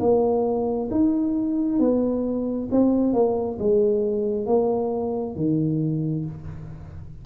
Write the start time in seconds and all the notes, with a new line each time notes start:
0.00 A#3
0.91 D#4
1.80 B3
2.72 C4
3.13 A#3
3.59 G#3
4.47 A#3
5.36 D#3